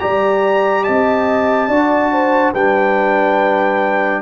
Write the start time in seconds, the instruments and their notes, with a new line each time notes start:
0.00 tuba G3, trombone G4, horn D5, trumpet A#5
0.84 tuba C4, horn D#5, trumpet A5
1.68 tuba D4, trombone F#4, horn D5
2.12 horn C5
2.54 tuba G3, trombone D4, horn B4, trumpet G5